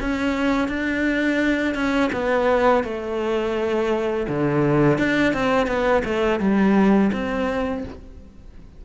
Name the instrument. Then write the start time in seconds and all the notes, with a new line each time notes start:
cello
0.00 C#4
0.68 D4
1.74 C#4
2.12 B3
2.83 A3
4.28 D3
4.98 D4
5.33 C4
5.67 B3
6.04 A3
6.39 G3
7.12 C4